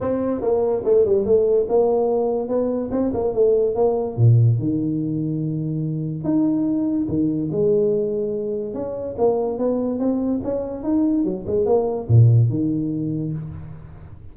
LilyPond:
\new Staff \with { instrumentName = "tuba" } { \time 4/4 \tempo 4 = 144 c'4 ais4 a8 g8 a4 | ais2 b4 c'8 ais8 | a4 ais4 ais,4 dis4~ | dis2. dis'4~ |
dis'4 dis4 gis2~ | gis4 cis'4 ais4 b4 | c'4 cis'4 dis'4 fis8 gis8 | ais4 ais,4 dis2 | }